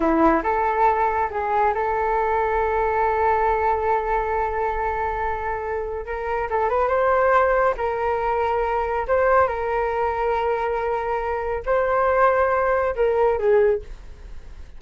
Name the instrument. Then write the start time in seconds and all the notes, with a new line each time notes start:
flute
0.00 E4
0.43 A4
1.30 G#4
1.74 A4
6.05 A#4
6.49 A4
6.69 B4
6.88 C5
7.77 A#4
9.07 C5
9.47 A#4
11.65 C5
12.95 A#4
13.38 G#4